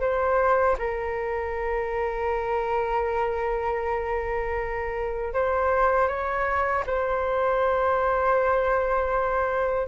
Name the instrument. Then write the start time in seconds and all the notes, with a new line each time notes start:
flute
0.00 C5
0.78 A#4
5.33 C5
6.08 C#5
6.86 C5